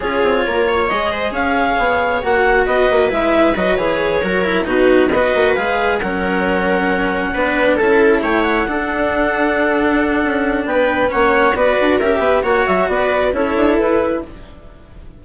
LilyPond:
<<
  \new Staff \with { instrumentName = "clarinet" } { \time 4/4 \tempo 4 = 135 cis''2 dis''4 f''4~ | f''4 fis''4 dis''4 e''4 | dis''8 cis''2 b'4 dis''8~ | dis''8 f''4 fis''2~ fis''8~ |
fis''4. a''4 g''8 fis''4~ | fis''1 | g''4 fis''4 d''4 e''4 | fis''8 e''8 d''4 cis''4 b'4 | }
  \new Staff \with { instrumentName = "viola" } { \time 4/4 gis'4 ais'8 cis''4 c''8 cis''4~ | cis''2 b'2~ | b'4. ais'4 fis'4 b'8~ | b'4. ais'2~ ais'8~ |
ais'8 b'4 a'4 cis''4 a'8~ | a'1 | b'4 cis''4 b'4 ais'8 b'8 | cis''4 b'4 a'2 | }
  \new Staff \with { instrumentName = "cello" } { \time 4/4 f'2 gis'2~ | gis'4 fis'2 e'4 | fis'8 gis'4 fis'8 e'8 dis'4 fis'8~ | fis'8 gis'4 cis'2~ cis'8~ |
cis'8 d'4 e'2 d'8~ | d'1~ | d'4 cis'4 fis'4 g'4 | fis'2 e'2 | }
  \new Staff \with { instrumentName = "bassoon" } { \time 4/4 cis'8 c'8 ais4 gis4 cis'4 | b4 ais4 b8 ais8 gis4 | fis8 e4 fis4 b,4 b8 | ais8 gis4 fis2~ fis8~ |
fis8 b4 cis'4 a4 d'8~ | d'2. cis'4 | b4 ais4 b8 d'8 cis'8 b8 | ais8 fis8 b4 cis'8 d'8 e'4 | }
>>